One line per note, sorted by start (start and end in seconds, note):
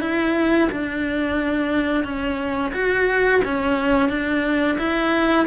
0.00 0.68 E4
0.71 2.04 D4
2.04 2.72 C#4
2.73 3.41 F#4
3.44 4.09 C#4
4.09 4.77 D4
4.78 5.46 E4